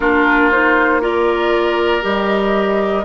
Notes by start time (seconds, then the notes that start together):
0.00 A#3 D4 F4 A#4
0.50 D#4 C5
1.01 F4 A#4 D5
2.01 G3 G4 D#5